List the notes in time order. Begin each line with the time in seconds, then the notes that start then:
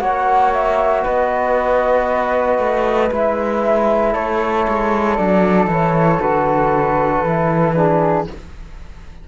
0.00 A#3 F#4 C#5 F#5
0.53 E5
1.03 B3 B4 D#5
2.59 A3
3.11 G#3 E4 E5
4.13 A3 A4 C#5
4.68 G#3
5.17 F#3 D4 D5
5.67 E3 E4 C#5
6.21 D3 F#4 B4
7.24 E3 E4
7.75 D4 G#4